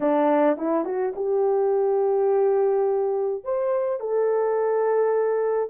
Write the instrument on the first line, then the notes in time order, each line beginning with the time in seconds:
horn
0.00 D4
0.57 E4
0.84 F#4
1.15 G4
3.44 C5
3.99 A4